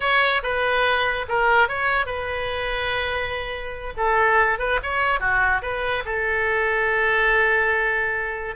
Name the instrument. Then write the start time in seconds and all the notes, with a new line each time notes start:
oboe
0.00 C#5
0.42 B4
1.28 A#4
1.68 C#5
2.06 B4
3.96 A4
4.59 B4
4.82 C#5
5.20 F#4
5.62 B4
6.05 A4